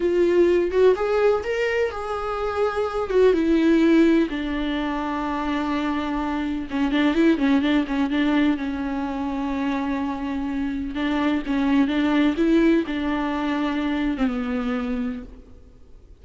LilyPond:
\new Staff \with { instrumentName = "viola" } { \time 4/4 \tempo 4 = 126 f'4. fis'8 gis'4 ais'4 | gis'2~ gis'8 fis'8 e'4~ | e'4 d'2.~ | d'2 cis'8 d'8 e'8 cis'8 |
d'8 cis'8 d'4 cis'2~ | cis'2. d'4 | cis'4 d'4 e'4 d'4~ | d'4.~ d'16 c'16 b2 | }